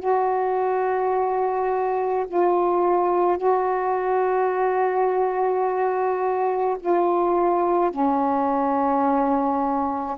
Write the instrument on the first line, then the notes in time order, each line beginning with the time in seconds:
saxophone
0.00 F#4
2.28 F4
3.38 F#4
6.80 F4
7.91 C#4